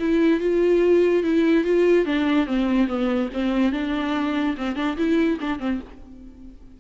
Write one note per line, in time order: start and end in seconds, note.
0.00 0.40 E4
0.40 1.23 F4
1.24 1.64 E4
1.64 2.05 F4
2.05 2.47 D4
2.47 2.87 C4
2.87 3.29 B3
3.33 3.73 C4
3.73 4.56 D4
4.57 4.76 C4
4.76 4.97 D4
4.97 5.39 E4
5.41 5.59 D4
5.59 5.80 C4